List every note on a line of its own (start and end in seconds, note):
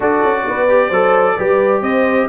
0.00 0.23 D4
0.00 0.68 F#4
0.00 0.43 A4
0.00 1.82 D5
0.23 0.46 C#4
0.47 0.90 B3
0.47 0.88 B4
0.68 0.91 G4
0.88 1.35 F#3
0.88 1.38 A4
0.88 1.34 C5
1.37 1.81 G3
1.37 2.29 G4
1.37 1.83 B4
1.81 2.27 C4
1.81 2.29 C5
1.81 2.27 D#5